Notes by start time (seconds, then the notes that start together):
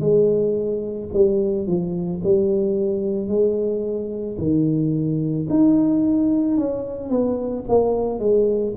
0.00 G#3
1.13 G3
1.67 F3
2.24 G3
3.28 G#3
4.38 D#3
5.49 D#4
6.58 C#4
7.10 B3
7.69 A#3
8.19 G#3